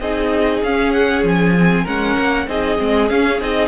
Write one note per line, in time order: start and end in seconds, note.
0.00 0.62 C4
0.00 0.65 D#4
0.00 1.84 G#4
0.00 0.62 D#5
0.62 1.23 C#4
0.62 1.58 C#4
0.62 0.92 F5
0.92 1.23 F#5
1.23 1.85 F3
1.23 1.86 G#5
1.58 1.86 C4
1.84 2.17 G#3
1.84 2.48 C#4
1.84 2.45 A#4
1.84 2.48 F#5
2.18 2.47 A#3
2.47 2.78 C4
2.47 2.78 D#4
2.47 3.68 G#4
2.47 3.09 D#5
2.78 3.10 G#3
2.78 3.08 C4
3.08 3.39 C#4
3.08 3.41 C#4
3.08 3.40 F5
3.41 3.68 C4
3.41 3.68 D#4
3.41 3.68 D#5